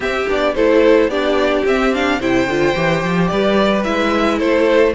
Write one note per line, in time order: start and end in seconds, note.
0.00 0.25 C4
0.00 0.26 C4
0.00 0.54 G4
0.00 0.28 E5
0.28 0.55 B3
0.28 0.55 D4
0.28 0.54 D5
0.54 1.07 A3
0.54 1.10 E4
0.54 1.09 A4
0.54 1.10 C5
1.07 1.62 B3
1.07 1.65 D4
1.07 2.19 G4
1.07 1.65 D5
1.64 2.19 C4
1.64 1.93 C4
1.64 1.94 E5
1.93 2.20 D4
1.93 2.21 F5
2.19 2.47 C3
2.19 2.48 E4
2.19 3.30 C5
2.19 3.27 G5
2.47 2.74 D3
2.47 2.75 F4
2.75 3.03 E3
2.75 3.84 G4
3.03 3.30 F3
3.27 3.86 G3
3.27 4.38 B4
3.27 3.82 D5
3.84 4.40 G#3
3.84 4.94 E4
3.84 4.38 E5
4.38 4.95 A3
4.38 4.93 A4
4.38 4.93 C5